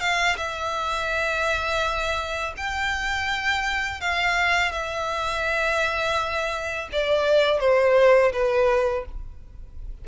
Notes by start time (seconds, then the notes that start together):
0.00 F5
0.37 E5
2.57 G5
4.01 F5
4.72 E5
6.92 D5
7.60 C5
8.32 B4